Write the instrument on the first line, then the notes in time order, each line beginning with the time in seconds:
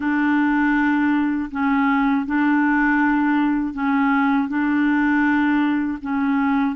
clarinet
0.00 D4
1.51 C#4
2.26 D4
3.73 C#4
4.48 D4
6.01 C#4